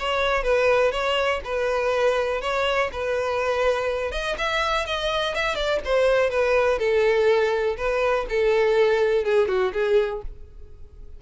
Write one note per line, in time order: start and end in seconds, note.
0.00 0.44 C#5
0.44 0.92 B4
0.92 1.41 C#5
1.45 2.42 B4
2.42 2.90 C#5
2.93 4.12 B4
4.12 4.36 D#5
4.39 4.86 E5
4.86 5.35 D#5
5.35 5.56 E5
5.56 5.80 D5
5.85 6.30 C5
6.30 6.79 B4
6.79 7.77 A4
7.78 8.27 B4
8.30 9.25 A4
9.25 9.48 G#4
9.48 9.73 F#4
9.74 10.22 G#4